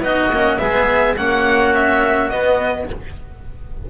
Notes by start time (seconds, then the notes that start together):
0.00 B3 D#4 F#4 D#5
0.30 A#3 C#4
0.58 G#3 B3 G#4 E5
1.16 A#3 C#4 F#4 F#5
1.75 E5
2.30 B3 D#5